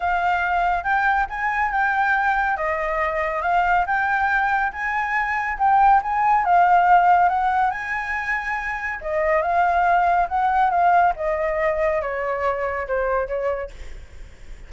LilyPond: \new Staff \with { instrumentName = "flute" } { \time 4/4 \tempo 4 = 140 f''2 g''4 gis''4 | g''2 dis''2 | f''4 g''2 gis''4~ | gis''4 g''4 gis''4 f''4~ |
f''4 fis''4 gis''2~ | gis''4 dis''4 f''2 | fis''4 f''4 dis''2 | cis''2 c''4 cis''4 | }